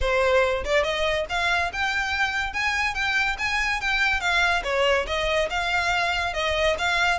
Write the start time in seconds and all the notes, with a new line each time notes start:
0.00 C5
0.64 D5
0.83 D#5
1.29 F5
1.72 G5
2.53 G#5
2.94 G5
3.38 G#5
3.80 G5
4.20 F5
4.63 C#5
5.06 D#5
5.50 F5
6.33 D#5
6.78 F5